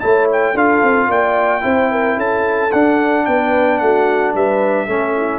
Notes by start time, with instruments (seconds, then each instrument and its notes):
0.00 tuba A3, trombone E4, horn C#5, trumpet A5
0.32 trumpet G5
0.54 tuba D4, trombone F4, horn A4, trumpet F5
0.83 tuba C4
1.08 tuba A#3, horn D5, trumpet G5
1.61 tuba C4, trombone E4, horn C5
1.90 horn A#4
2.17 tuba C#4, horn A4, trumpet A5
2.72 tuba D4, trombone D4, trumpet F#5
3.26 tuba B3, horn B4, trumpet G5
3.78 tuba A3, horn F#4, trumpet F#5
4.34 tuba G3, horn B4, trumpet E5
4.86 tuba A3, trombone C#4, horn A4
5.17 horn E4